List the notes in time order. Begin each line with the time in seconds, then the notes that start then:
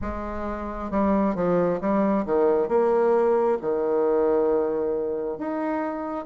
0.01 G#3
0.90 G3
1.35 F3
1.80 G3
2.25 D#3
2.68 A#3
3.61 D#3
5.37 D#4